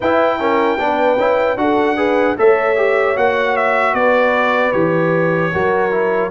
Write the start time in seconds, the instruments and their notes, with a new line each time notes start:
0.00 tuba E4, trombone E4, horn B4, trumpet G5
0.39 trombone C#4, horn A#4
0.78 tuba B3, trombone D4, horn B4
1.17 tuba C#4, trombone E4
1.56 tuba D4, trombone F#4, horn A4, trumpet F#5
1.97 trombone G#4, horn B4
2.37 tuba A3, trombone A4, horn C#5, trumpet E5
2.76 trombone G4
3.15 tuba A#3, trombone F#4, trumpet F#5
3.56 trumpet E5
3.93 tuba B3, horn B4, trumpet D5
4.72 tuba E3, trombone G4, trumpet C#5
5.52 tuba F#3, trombone F#4, horn A#4
5.91 trombone E4